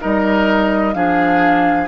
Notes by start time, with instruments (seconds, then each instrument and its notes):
0.00 bassoon G3, clarinet D#4, oboe A#4, flute D#5
0.94 bassoon F3, clarinet D4, oboe G#4, flute F5